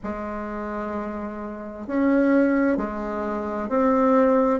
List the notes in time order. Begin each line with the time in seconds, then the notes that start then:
0.03 G#3
1.87 C#4
2.77 G#3
3.68 C4